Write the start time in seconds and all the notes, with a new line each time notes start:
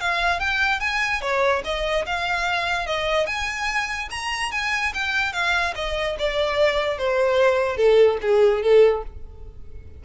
0.00 F5
0.39 G5
0.80 G#5
1.21 C#5
1.64 D#5
2.06 F5
2.86 D#5
3.26 G#5
4.10 A#5
4.51 G#5
4.94 G5
5.33 F5
5.75 D#5
6.18 D5
6.98 C5
7.77 A4
8.22 G#4
8.62 A4